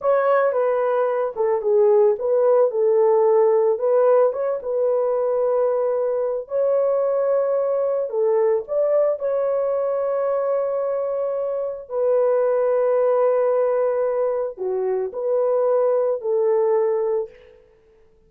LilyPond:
\new Staff \with { instrumentName = "horn" } { \time 4/4 \tempo 4 = 111 cis''4 b'4. a'8 gis'4 | b'4 a'2 b'4 | cis''8 b'2.~ b'8 | cis''2. a'4 |
d''4 cis''2.~ | cis''2 b'2~ | b'2. fis'4 | b'2 a'2 | }